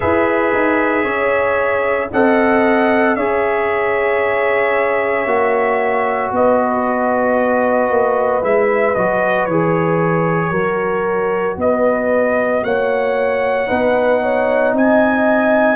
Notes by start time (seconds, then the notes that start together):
0.00 E4 G#4 B4 E5
0.53 D#4
1.04 C#4 C#5
2.11 C4 A4 D#5 F#5
3.15 C#4 G#4 C#5 E5
5.25 A#3 F#4
6.31 B3 B4 D#5
7.89 A#3
8.42 G#3 E4 E5
8.95 F#3 F#4 D#5
9.45 E3 G#4 C#5
10.50 F#3 F#4 A#4
11.56 B3 B4 D#5
12.63 A#3 C#5 F#5
13.66 B3 D#4 B4
14.22 C#5
14.73 C4 D#5 G#5